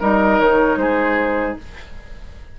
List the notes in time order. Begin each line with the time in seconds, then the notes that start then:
0.00 G3 D#4 A#4 D#5
0.39 D#3 C#5
0.76 G#3 G#4 C5